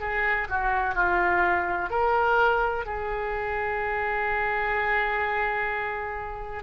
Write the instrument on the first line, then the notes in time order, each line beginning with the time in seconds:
oboe
0.00 G#4
0.49 F#4
0.95 F4
1.90 A#4
2.86 G#4